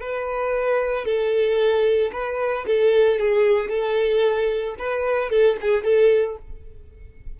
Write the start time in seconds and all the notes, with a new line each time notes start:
0.00 B4
1.05 A4
2.12 B4
2.66 A4
3.19 G#4
3.69 A4
4.79 B4
5.30 A4
5.61 G#4
5.84 A4